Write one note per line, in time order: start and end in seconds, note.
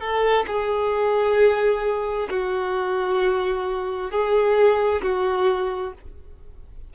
0.00 0.45 A4
0.47 2.29 G#4
2.30 4.11 F#4
4.11 5.02 G#4
5.02 5.93 F#4